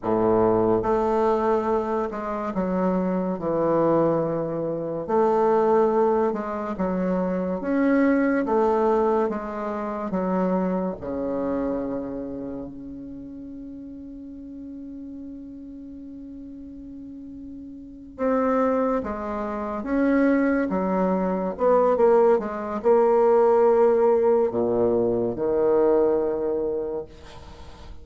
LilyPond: \new Staff \with { instrumentName = "bassoon" } { \time 4/4 \tempo 4 = 71 a,4 a4. gis8 fis4 | e2 a4. gis8 | fis4 cis'4 a4 gis4 | fis4 cis2 cis'4~ |
cis'1~ | cis'4. c'4 gis4 cis'8~ | cis'8 fis4 b8 ais8 gis8 ais4~ | ais4 ais,4 dis2 | }